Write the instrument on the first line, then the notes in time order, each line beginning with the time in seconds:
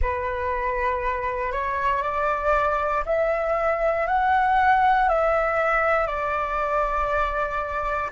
flute
0.01 B4
1.52 C#5
2.02 D5
3.05 E5
4.07 F#5
5.08 E5
6.06 D5